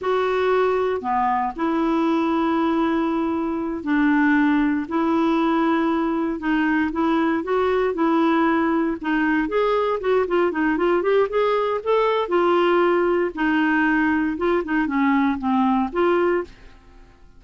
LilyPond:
\new Staff \with { instrumentName = "clarinet" } { \time 4/4 \tempo 4 = 117 fis'2 b4 e'4~ | e'2.~ e'8 d'8~ | d'4. e'2~ e'8~ | e'8 dis'4 e'4 fis'4 e'8~ |
e'4. dis'4 gis'4 fis'8 | f'8 dis'8 f'8 g'8 gis'4 a'4 | f'2 dis'2 | f'8 dis'8 cis'4 c'4 f'4 | }